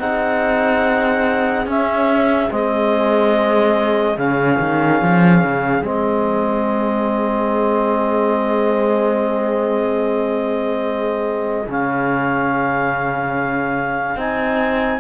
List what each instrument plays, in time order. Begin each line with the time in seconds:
0.00 cello C4, trombone D#4, trumpet G#4, clarinet F#5
1.66 trombone C#4, cello C#4, clarinet E5
2.51 cello G#3, trombone C4, clarinet D#5
4.18 cello C#3, trombone C#4, clarinet F5
4.60 cello D#3
5.02 cello F3
5.44 cello C#3
5.83 cello G#3, trombone C4, clarinet D#5
11.67 cello C#3, trombone C#4, clarinet F5
14.16 cello C4, trombone D#4, clarinet G#5